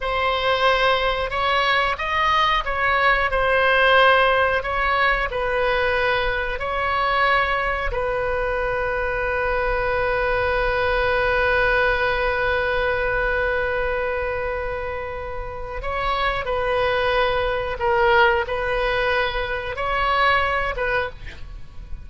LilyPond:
\new Staff \with { instrumentName = "oboe" } { \time 4/4 \tempo 4 = 91 c''2 cis''4 dis''4 | cis''4 c''2 cis''4 | b'2 cis''2 | b'1~ |
b'1~ | b'1 | cis''4 b'2 ais'4 | b'2 cis''4. b'8 | }